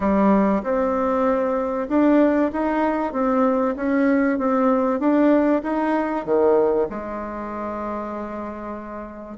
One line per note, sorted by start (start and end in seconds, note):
0.00 0.62 G3
0.63 1.88 C4
1.88 2.51 D4
2.52 3.12 D#4
3.12 3.75 C4
3.76 4.38 C#4
4.38 4.99 C4
4.99 5.62 D4
5.62 6.25 D#4
6.25 6.87 D#3
6.89 9.37 G#3